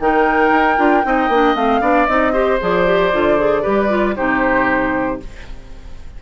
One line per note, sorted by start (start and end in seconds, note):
0.00 0.52 D#3
0.00 0.77 D#4
0.00 1.06 A#4
0.00 1.56 G5
0.52 0.78 D#4
0.77 1.05 D4
0.77 1.03 F4
1.04 1.29 C4
1.04 1.30 D#4
1.04 1.81 D#5
1.29 1.55 A#3
1.29 1.56 D4
1.56 1.81 A3
1.56 1.81 C4
1.56 2.07 F5
1.81 2.07 B3
1.81 2.07 D4
1.81 2.33 D5
2.07 2.60 C4
2.07 2.33 D#4
2.07 2.59 D#5
2.33 2.59 G4
2.33 3.63 C5
2.61 3.13 F3
2.61 2.86 G#4
2.61 4.16 D5
2.86 3.12 G4
3.13 3.65 D3
3.13 3.38 F4
3.38 3.63 G#4
3.63 4.18 G3
3.63 3.89 G4
3.63 4.15 B4
3.89 4.16 F4
4.16 5.22 C3
4.16 5.20 D#4
4.16 5.21 G4
4.16 5.20 C5